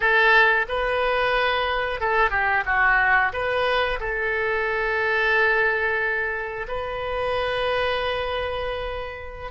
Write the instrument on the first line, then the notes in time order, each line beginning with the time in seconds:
oboe
0.00 A4
0.68 B4
2.00 A4
2.30 G4
2.65 F#4
3.32 B4
4.00 A4
6.68 B4